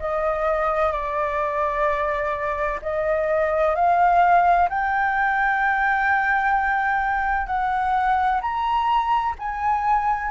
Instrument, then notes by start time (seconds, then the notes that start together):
flute
0.00 D#5
0.92 D5
2.83 D#5
3.75 F5
4.69 G5
7.47 F#5
8.41 A#5
9.39 G#5